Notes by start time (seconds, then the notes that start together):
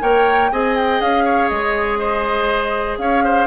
0.00 A#3 A#4 C#5 G5
0.51 C4 G#4 D#5 G#5
0.76 G5
1.00 C#4 F5
1.24 C#5
1.48 G#3 D#5
1.98 C5
2.97 C#4 C#5 F5
3.24 C5